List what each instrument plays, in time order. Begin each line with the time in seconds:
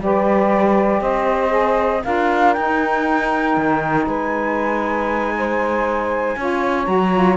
0.00 cello G3, saxophone G4 B4, flute D5
1.01 cello C4, saxophone C5, flute D#5
1.49 saxophone G#4
2.04 cello D4, saxophone F4 A#4, flute F5
2.54 cello D#4, saxophone D#4, flute G5
3.57 cello D#3
4.07 cello G#3, saxophone B4, flute G#5
5.38 saxophone C5
6.37 cello C#4, saxophone F4 C#5
6.85 cello F#3, saxophone F#4, flute A#5
7.14 saxophone F4